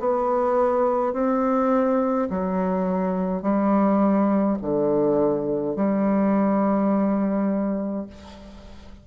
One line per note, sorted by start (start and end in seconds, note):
0.00 1.13 B3
1.13 2.29 C4
2.30 3.42 F#3
3.42 4.58 G3
4.62 5.76 D3
5.76 8.07 G3